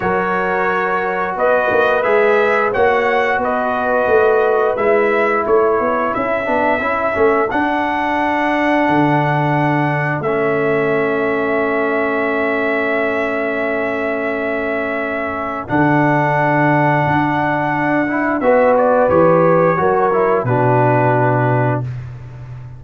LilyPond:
<<
  \new Staff \with { instrumentName = "trumpet" } { \time 4/4 \tempo 4 = 88 cis''2 dis''4 e''4 | fis''4 dis''2 e''4 | cis''4 e''2 fis''4~ | fis''2. e''4~ |
e''1~ | e''2. fis''4~ | fis''2. e''8 d''8 | cis''2 b'2 | }
  \new Staff \with { instrumentName = "horn" } { \time 4/4 ais'2 b'2 | cis''4 b'2. | a'1~ | a'1~ |
a'1~ | a'1~ | a'2. b'4~ | b'4 ais'4 fis'2 | }
  \new Staff \with { instrumentName = "trombone" } { \time 4/4 fis'2. gis'4 | fis'2. e'4~ | e'4. d'8 e'8 cis'8 d'4~ | d'2. cis'4~ |
cis'1~ | cis'2. d'4~ | d'2~ d'8 e'8 fis'4 | g'4 fis'8 e'8 d'2 | }
  \new Staff \with { instrumentName = "tuba" } { \time 4/4 fis2 b8 ais8 gis4 | ais4 b4 a4 gis4 | a8 b8 cis'8 b8 cis'8 a8 d'4~ | d'4 d2 a4~ |
a1~ | a2. d4~ | d4 d'2 b4 | e4 fis4 b,2 | }
>>